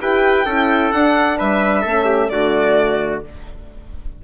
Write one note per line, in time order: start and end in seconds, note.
0.00 0.45 E4
0.00 0.46 G4
0.00 0.45 B4
0.00 0.91 G5
0.45 0.92 C#4
0.45 0.94 E4
0.45 1.37 A4
0.91 1.38 D4
0.91 1.86 D4
0.91 1.37 F#5
1.37 1.85 G3
1.37 1.81 B4
1.37 2.29 E5
1.81 2.30 A3
1.81 2.31 C#4
1.81 2.04 A4
2.05 2.28 G4
2.29 3.23 D3
2.29 3.23 A3
2.29 3.24 F#4
2.29 3.21 D5